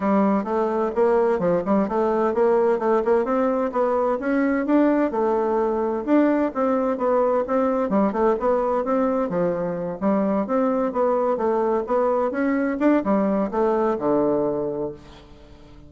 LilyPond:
\new Staff \with { instrumentName = "bassoon" } { \time 4/4 \tempo 4 = 129 g4 a4 ais4 f8 g8 | a4 ais4 a8 ais8 c'4 | b4 cis'4 d'4 a4~ | a4 d'4 c'4 b4 |
c'4 g8 a8 b4 c'4 | f4. g4 c'4 b8~ | b8 a4 b4 cis'4 d'8 | g4 a4 d2 | }